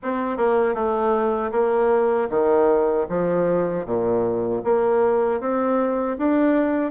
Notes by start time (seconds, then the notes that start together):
0.02 C4
0.37 A#3
0.74 A3
1.51 A#3
2.29 D#3
3.08 F3
3.85 A#2
4.64 A#3
5.40 C4
6.17 D4